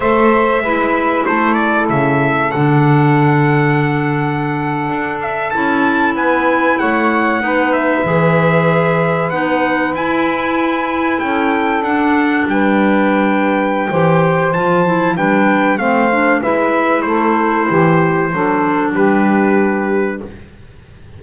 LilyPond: <<
  \new Staff \with { instrumentName = "trumpet" } { \time 4/4 \tempo 4 = 95 e''2 c''8 d''8 e''4 | fis''1~ | fis''16 e''8 a''4 gis''4 fis''4~ fis''16~ | fis''16 e''2~ e''8 fis''4 gis''16~ |
gis''4.~ gis''16 g''4 fis''4 g''16~ | g''2. a''4 | g''4 f''4 e''4 c''4~ | c''2 b'2 | }
  \new Staff \with { instrumentName = "saxophone" } { \time 4/4 c''4 b'4 a'2~ | a'1~ | a'4.~ a'16 b'4 cis''4 b'16~ | b'1~ |
b'4.~ b'16 a'2 b'16~ | b'2 c''2 | b'4 c''4 b'4 a'4 | g'4 a'4 g'2 | }
  \new Staff \with { instrumentName = "clarinet" } { \time 4/4 a'4 e'2. | d'1~ | d'8. e'2. dis'16~ | dis'8. gis'2 dis'4 e'16~ |
e'2~ e'8. d'4~ d'16~ | d'2 g'4 f'8 e'8 | d'4 c'8 d'8 e'2~ | e'4 d'2. | }
  \new Staff \with { instrumentName = "double bass" } { \time 4/4 a4 gis4 a4 cis4 | d2.~ d8. d'16~ | d'8. cis'4 b4 a4 b16~ | b8. e2 b4 e'16~ |
e'4.~ e'16 cis'4 d'4 g16~ | g2 e4 f4 | g4 a4 gis4 a4 | e4 fis4 g2 | }
>>